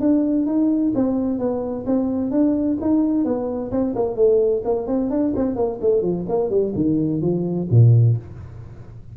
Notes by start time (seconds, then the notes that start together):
0.00 D4
0.46 D#4
0.95 C4
1.39 B3
1.86 C4
2.31 D4
2.81 D#4
3.25 B3
3.71 C4
3.95 A#3
4.16 A3
4.65 A#3
4.87 C4
5.10 D4
5.36 C4
5.56 A#3
5.81 A3
6.02 F3
6.29 A#3
6.50 G3
6.75 D#3
7.21 F3
7.71 A#2